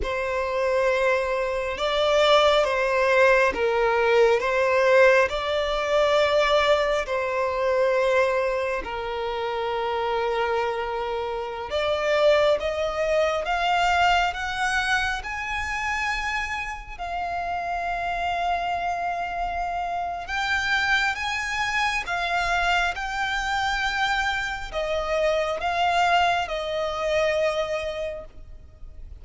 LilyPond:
\new Staff \with { instrumentName = "violin" } { \time 4/4 \tempo 4 = 68 c''2 d''4 c''4 | ais'4 c''4 d''2 | c''2 ais'2~ | ais'4~ ais'16 d''4 dis''4 f''8.~ |
f''16 fis''4 gis''2 f''8.~ | f''2. g''4 | gis''4 f''4 g''2 | dis''4 f''4 dis''2 | }